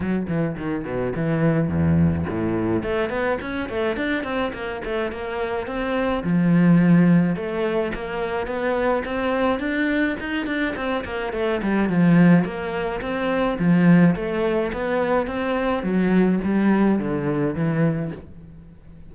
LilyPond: \new Staff \with { instrumentName = "cello" } { \time 4/4 \tempo 4 = 106 fis8 e8 dis8 b,8 e4 e,4 | a,4 a8 b8 cis'8 a8 d'8 c'8 | ais8 a8 ais4 c'4 f4~ | f4 a4 ais4 b4 |
c'4 d'4 dis'8 d'8 c'8 ais8 | a8 g8 f4 ais4 c'4 | f4 a4 b4 c'4 | fis4 g4 d4 e4 | }